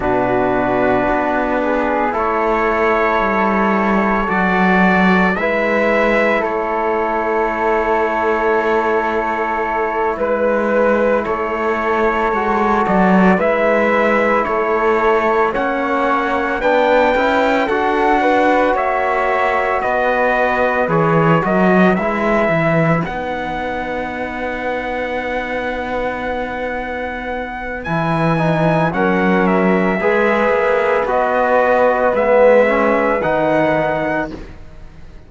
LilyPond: <<
  \new Staff \with { instrumentName = "trumpet" } { \time 4/4 \tempo 4 = 56 b'2 cis''2 | d''4 e''4 cis''2~ | cis''4. b'4 cis''4. | d''8 e''4 cis''4 fis''4 g''8~ |
g''8 fis''4 e''4 dis''4 cis''8 | dis''8 e''4 fis''2~ fis''8~ | fis''2 gis''4 fis''8 e''8~ | e''4 dis''4 e''4 fis''4 | }
  \new Staff \with { instrumentName = "flute" } { \time 4/4 fis'4. gis'8 a'2~ | a'4 b'4 a'2~ | a'4. b'4 a'4.~ | a'8 b'4 a'4 cis''4 b'8~ |
b'8 a'8 b'8 cis''4 b'4. | ais'16 b'2.~ b'8.~ | b'2. ais'4 | b'1 | }
  \new Staff \with { instrumentName = "trombone" } { \time 4/4 d'2 e'2 | fis'4 e'2.~ | e'2.~ e'8 fis'8~ | fis'8 e'2 cis'4 d'8 |
e'8 fis'2. gis'8 | fis'8 e'4 dis'2~ dis'8~ | dis'2 e'8 dis'8 cis'4 | gis'4 fis'4 b8 cis'8 dis'4 | }
  \new Staff \with { instrumentName = "cello" } { \time 4/4 b,4 b4 a4 g4 | fis4 gis4 a2~ | a4. gis4 a4 gis8 | fis8 gis4 a4 ais4 b8 |
cis'8 d'4 ais4 b4 e8 | fis8 gis8 e8 b2~ b8~ | b2 e4 fis4 | gis8 ais8 b4 gis4 dis4 | }
>>